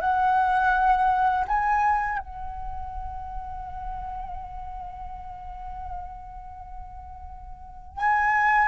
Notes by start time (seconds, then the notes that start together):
0.00 F#5
1.47 G#5
2.19 F#5
7.97 G#5